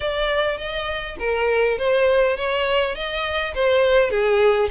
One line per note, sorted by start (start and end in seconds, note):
0.00 0.57 D5
0.57 1.16 D#5
1.19 1.78 A#4
1.78 2.37 C5
2.37 2.95 C#5
2.95 3.53 D#5
3.54 4.10 C5
4.10 4.69 G#4